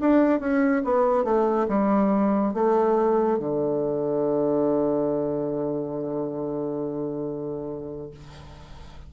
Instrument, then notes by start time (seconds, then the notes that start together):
bassoon
0.00 D4
0.39 C#4
0.84 B3
1.24 A3
1.68 G3
2.53 A3
3.39 D3